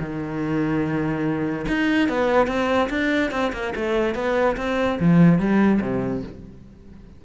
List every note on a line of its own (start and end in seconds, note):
0.00 1.67 D#3
1.69 2.09 D#4
2.09 2.48 B3
2.48 2.90 C4
2.90 3.31 D4
3.31 3.52 C4
3.53 3.74 A#3
3.76 4.15 A3
4.15 4.57 B3
4.58 4.99 C4
5.00 5.39 F3
5.39 5.81 G3
5.82 6.23 C3